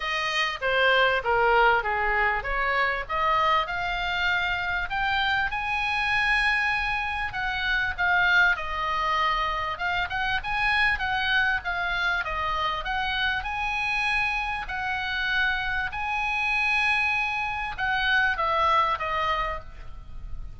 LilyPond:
\new Staff \with { instrumentName = "oboe" } { \time 4/4 \tempo 4 = 98 dis''4 c''4 ais'4 gis'4 | cis''4 dis''4 f''2 | g''4 gis''2. | fis''4 f''4 dis''2 |
f''8 fis''8 gis''4 fis''4 f''4 | dis''4 fis''4 gis''2 | fis''2 gis''2~ | gis''4 fis''4 e''4 dis''4 | }